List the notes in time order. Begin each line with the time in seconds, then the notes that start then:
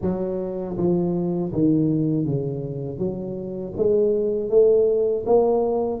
0.01 F#3
0.77 F3
1.52 D#3
2.25 C#3
2.98 F#3
3.76 G#3
4.49 A3
5.25 A#3